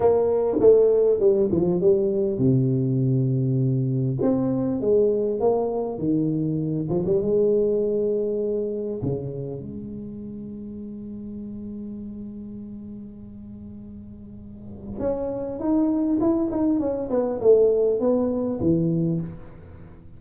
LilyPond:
\new Staff \with { instrumentName = "tuba" } { \time 4/4 \tempo 4 = 100 ais4 a4 g8 f8 g4 | c2. c'4 | gis4 ais4 dis4. f16 g16 | gis2. cis4 |
gis1~ | gis1~ | gis4 cis'4 dis'4 e'8 dis'8 | cis'8 b8 a4 b4 e4 | }